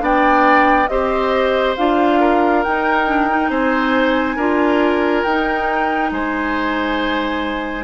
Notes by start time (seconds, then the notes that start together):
0.00 B3 D4 D5 G5
0.88 C4 G4 C5 D#5
1.76 D4 F4 F5
2.20 A#4
2.64 D#4 G5
3.07 D4
3.29 D#4
3.50 C4 C5 G#5
4.36 D4 F4 A#4
5.24 D#4 G5
6.11 G#3 C5 G#5